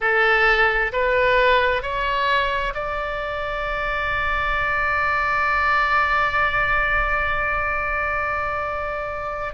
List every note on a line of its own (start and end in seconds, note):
0.00 0.91 A4
0.92 1.82 B4
1.82 2.73 C#5
2.74 9.53 D5